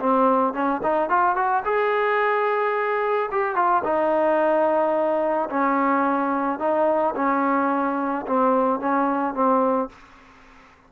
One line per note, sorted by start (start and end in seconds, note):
0.00 0.54 C4
0.54 0.81 C#4
0.83 1.09 D#4
1.09 1.36 F4
1.36 1.63 F#4
1.65 3.30 G#4
3.32 3.55 G4
3.55 3.83 F4
3.84 5.49 D#4
5.50 6.59 C#4
6.59 7.14 D#4
7.16 8.26 C#4
8.27 8.80 C4
8.80 9.34 C#4
9.34 9.89 C4